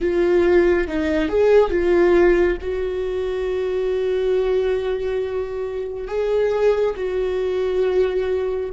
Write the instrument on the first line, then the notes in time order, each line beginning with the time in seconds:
viola
0.00 F4
0.87 D#4
1.28 G#4
1.70 F4
2.61 F#4
6.07 G#4
6.96 F#4